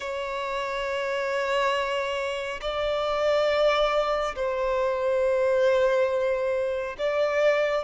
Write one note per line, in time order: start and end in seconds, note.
0.00 2.60 C#5
2.61 4.35 D5
4.35 6.96 C5
6.98 7.84 D5